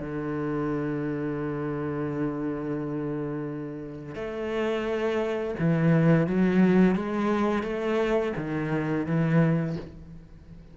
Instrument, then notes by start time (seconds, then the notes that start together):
cello
0.00 D3
4.15 A3
5.59 E3
6.27 F#3
6.95 G#3
7.63 A3
8.37 D#3
9.06 E3